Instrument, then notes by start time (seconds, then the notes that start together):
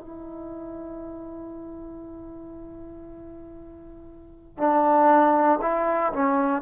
trombone
0.00 E4
4.57 D4
5.61 E4
6.12 C#4